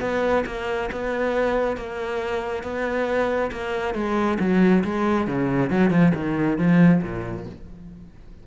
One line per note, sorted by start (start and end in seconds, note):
0.00 0.44 B3
0.46 0.90 A#3
0.91 1.76 B3
1.76 2.63 A#3
2.63 3.51 B3
3.51 3.94 A#3
3.94 4.38 G#3
4.39 4.83 F#3
4.84 5.27 G#3
5.27 5.70 C#3
5.70 5.90 F#3
5.90 6.12 F3
6.15 6.58 D#3
6.58 7.02 F3
7.02 7.46 A#2